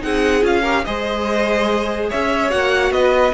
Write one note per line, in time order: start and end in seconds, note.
0.00 0.43 C4
0.00 0.41 D#4
0.00 0.62 G#4
0.00 0.44 F#5
0.41 0.85 C#4
0.41 0.62 F4
0.41 0.85 F5
0.62 0.85 G4
0.62 0.83 A#4
0.85 2.11 G#3
0.85 2.50 G#4
0.85 2.09 C5
0.85 2.09 D#5
2.09 2.52 C#4
2.09 2.92 C#5
2.09 2.51 E5
2.50 2.91 A#3
2.50 3.32 F#4
2.50 2.92 F#5
2.91 3.32 B3
2.91 3.34 B4
2.91 3.34 D#5